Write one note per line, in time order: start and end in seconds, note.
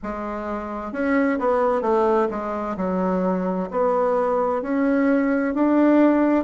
0.03 0.92 G#3
0.92 1.38 C#4
1.39 1.81 B3
1.81 2.27 A3
2.30 2.76 G#3
2.77 3.69 F#3
3.70 4.62 B3
4.62 5.54 C#4
5.54 6.44 D4